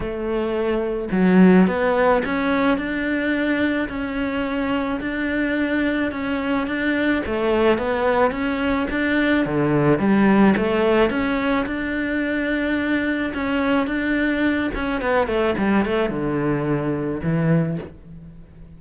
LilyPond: \new Staff \with { instrumentName = "cello" } { \time 4/4 \tempo 4 = 108 a2 fis4 b4 | cis'4 d'2 cis'4~ | cis'4 d'2 cis'4 | d'4 a4 b4 cis'4 |
d'4 d4 g4 a4 | cis'4 d'2. | cis'4 d'4. cis'8 b8 a8 | g8 a8 d2 e4 | }